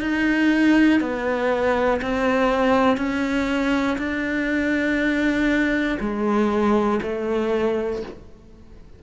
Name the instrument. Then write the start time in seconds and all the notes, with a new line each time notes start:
cello
0.00 D#4
1.00 B3
2.01 C4
2.97 C#4
3.98 D4
6.00 G#3
7.02 A3